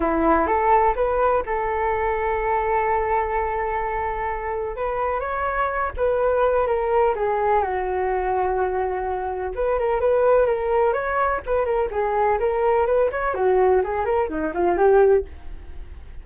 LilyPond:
\new Staff \with { instrumentName = "flute" } { \time 4/4 \tempo 4 = 126 e'4 a'4 b'4 a'4~ | a'1~ | a'2 b'4 cis''4~ | cis''8 b'4. ais'4 gis'4 |
fis'1 | b'8 ais'8 b'4 ais'4 cis''4 | b'8 ais'8 gis'4 ais'4 b'8 cis''8 | fis'4 gis'8 ais'8 dis'8 f'8 g'4 | }